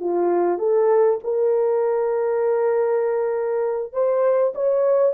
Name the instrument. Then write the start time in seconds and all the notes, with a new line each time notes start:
horn
0.00 F4
0.59 A4
1.24 A#4
3.93 C5
4.55 C#5